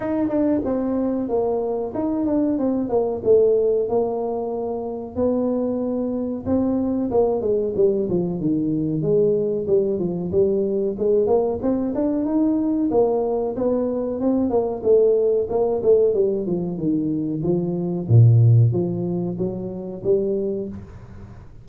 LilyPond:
\new Staff \with { instrumentName = "tuba" } { \time 4/4 \tempo 4 = 93 dis'8 d'8 c'4 ais4 dis'8 d'8 | c'8 ais8 a4 ais2 | b2 c'4 ais8 gis8 | g8 f8 dis4 gis4 g8 f8 |
g4 gis8 ais8 c'8 d'8 dis'4 | ais4 b4 c'8 ais8 a4 | ais8 a8 g8 f8 dis4 f4 | ais,4 f4 fis4 g4 | }